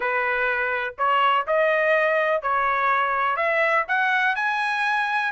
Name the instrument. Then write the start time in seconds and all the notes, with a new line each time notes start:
trumpet
0.00 B4
0.98 C#5
1.46 D#5
2.41 C#5
3.36 E5
3.88 F#5
4.35 G#5